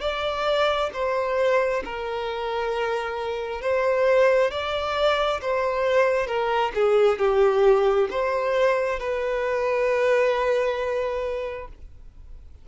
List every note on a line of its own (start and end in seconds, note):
0.00 0.90 D5
0.93 1.83 C5
1.84 3.61 A#4
3.61 4.51 C5
4.51 5.40 D5
5.41 6.27 C5
6.27 6.72 A#4
6.74 7.18 G#4
7.18 8.08 G4
8.10 8.99 C5
8.99 11.68 B4